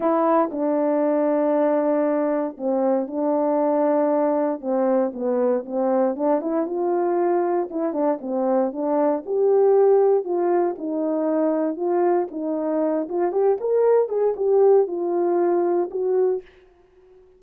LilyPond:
\new Staff \with { instrumentName = "horn" } { \time 4/4 \tempo 4 = 117 e'4 d'2.~ | d'4 c'4 d'2~ | d'4 c'4 b4 c'4 | d'8 e'8 f'2 e'8 d'8 |
c'4 d'4 g'2 | f'4 dis'2 f'4 | dis'4. f'8 g'8 ais'4 gis'8 | g'4 f'2 fis'4 | }